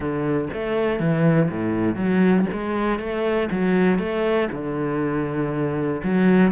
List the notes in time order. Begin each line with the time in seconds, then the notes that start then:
0.00 D3
0.53 A3
0.99 E3
1.50 A2
1.95 F#3
2.52 G#3
2.99 A3
3.51 F#3
3.99 A3
4.51 D3
6.03 F#3